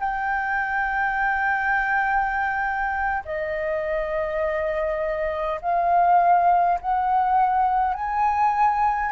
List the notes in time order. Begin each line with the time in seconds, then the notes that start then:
0.00 G5
3.25 D#5
5.62 F5
6.81 F#5
7.95 G#5